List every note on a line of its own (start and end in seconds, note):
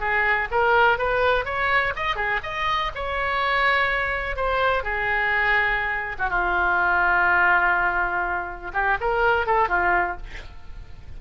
0.00 0.48 G#4
0.51 0.98 A#4
0.98 1.45 B4
1.45 1.93 C#5
1.96 2.16 D#5
2.16 2.40 G#4
2.43 2.92 D#5
2.95 4.36 C#5
4.36 4.83 C5
4.83 6.16 G#4
6.19 6.30 F#4
6.30 8.72 F4
8.73 8.98 G4
9.01 9.46 A#4
9.46 9.69 A4
9.69 10.17 F4